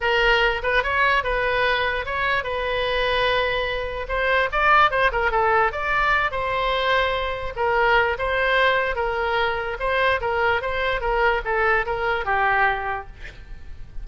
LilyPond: \new Staff \with { instrumentName = "oboe" } { \time 4/4 \tempo 4 = 147 ais'4. b'8 cis''4 b'4~ | b'4 cis''4 b'2~ | b'2 c''4 d''4 | c''8 ais'8 a'4 d''4. c''8~ |
c''2~ c''8 ais'4. | c''2 ais'2 | c''4 ais'4 c''4 ais'4 | a'4 ais'4 g'2 | }